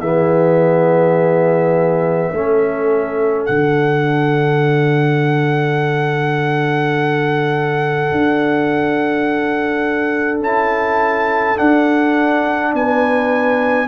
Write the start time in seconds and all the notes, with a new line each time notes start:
0.00 E3 B3 G#4 E5
2.33 A3 C#4 A4
3.46 D3 D4 F#5
8.12 D4
10.40 C#4 E4 A5
11.56 D4 F#5
12.74 B3 B4 G#5